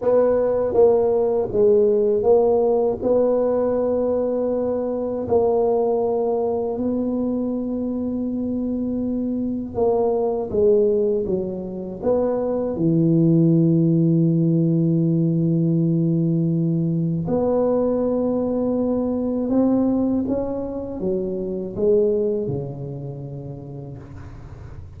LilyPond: \new Staff \with { instrumentName = "tuba" } { \time 4/4 \tempo 4 = 80 b4 ais4 gis4 ais4 | b2. ais4~ | ais4 b2.~ | b4 ais4 gis4 fis4 |
b4 e2.~ | e2. b4~ | b2 c'4 cis'4 | fis4 gis4 cis2 | }